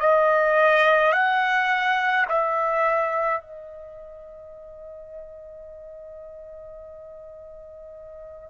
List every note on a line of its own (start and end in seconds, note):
0.00 1.12 D#5
1.12 2.25 F#5
2.28 3.41 E5
3.41 8.50 D#5